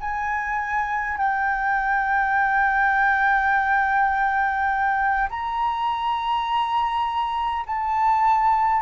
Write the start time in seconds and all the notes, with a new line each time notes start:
0.00 G#5
1.17 G5
5.29 A#5
7.66 A5